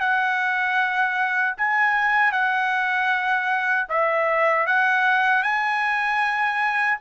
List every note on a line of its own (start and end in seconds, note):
0.00 1.56 F#5
1.58 2.32 G#5
2.32 3.88 F#5
3.90 4.67 E5
4.67 5.43 F#5
5.43 6.99 G#5